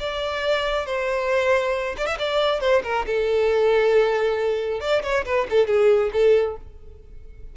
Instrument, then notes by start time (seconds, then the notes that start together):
violin
0.00 D5
0.87 C5
1.98 D5
2.07 E5
2.19 D5
2.61 C5
2.84 A#4
3.07 A4
4.81 D5
5.03 C#5
5.26 B4
5.51 A4
5.68 G#4
6.13 A4